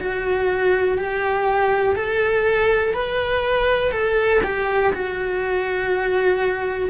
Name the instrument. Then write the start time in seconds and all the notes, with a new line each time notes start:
cello
0.00 F#4
0.98 G4
1.96 A4
2.94 B4
3.92 A4
4.44 G4
4.94 F#4